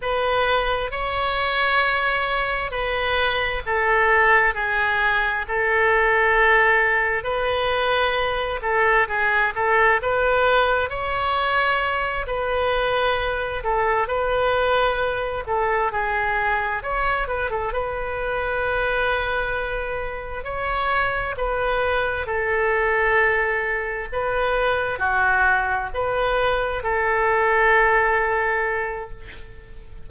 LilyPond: \new Staff \with { instrumentName = "oboe" } { \time 4/4 \tempo 4 = 66 b'4 cis''2 b'4 | a'4 gis'4 a'2 | b'4. a'8 gis'8 a'8 b'4 | cis''4. b'4. a'8 b'8~ |
b'4 a'8 gis'4 cis''8 b'16 a'16 b'8~ | b'2~ b'8 cis''4 b'8~ | b'8 a'2 b'4 fis'8~ | fis'8 b'4 a'2~ a'8 | }